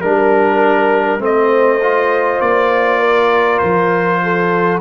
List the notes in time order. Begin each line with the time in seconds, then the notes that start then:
0.00 G3 D4 A#4
1.19 A3 C4 C5 D#5
1.81 F4
2.40 A#3 D5
2.99 A#4
3.58 F3 C5
4.23 A4